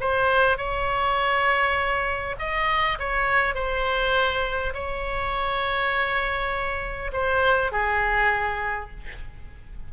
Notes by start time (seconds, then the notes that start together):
0.00 C5
0.57 C#5
2.38 D#5
2.98 C#5
3.54 C5
4.74 C#5
7.12 C5
7.71 G#4